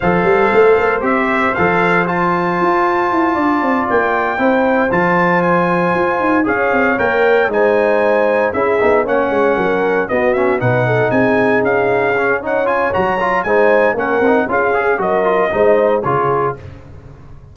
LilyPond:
<<
  \new Staff \with { instrumentName = "trumpet" } { \time 4/4 \tempo 4 = 116 f''2 e''4 f''4 | a''2.~ a''8 g''8~ | g''4. a''4 gis''4.~ | gis''8 f''4 g''4 gis''4.~ |
gis''8 e''4 fis''2 dis''8 | e''8 fis''4 gis''4 f''4. | fis''8 gis''8 ais''4 gis''4 fis''4 | f''4 dis''2 cis''4 | }
  \new Staff \with { instrumentName = "horn" } { \time 4/4 c''1~ | c''2~ c''8 d''4.~ | d''8 c''2.~ c''8~ | c''8 cis''2 c''4.~ |
c''8 gis'4 cis''4 ais'4 fis'8~ | fis'8 b'8 a'8 gis'2~ gis'8 | cis''2 c''4 ais'4 | gis'4 ais'4 c''4 gis'4 | }
  \new Staff \with { instrumentName = "trombone" } { \time 4/4 a'2 g'4 a'4 | f'1~ | f'8 e'4 f'2~ f'8~ | f'8 gis'4 ais'4 dis'4.~ |
dis'8 e'8 dis'8 cis'2 b8 | cis'8 dis'2. cis'8 | dis'8 f'8 fis'8 f'8 dis'4 cis'8 dis'8 | f'8 gis'8 fis'8 f'8 dis'4 f'4 | }
  \new Staff \with { instrumentName = "tuba" } { \time 4/4 f8 g8 a8 ais8 c'4 f4~ | f4 f'4 e'8 d'8 c'8 ais8~ | ais8 c'4 f2 f'8 | dis'8 cis'8 c'8 ais4 gis4.~ |
gis8 cis'8 b8 ais8 gis8 fis4 b8~ | b8 b,4 c'4 cis'4.~ | cis'4 fis4 gis4 ais8 c'8 | cis'4 fis4 gis4 cis4 | }
>>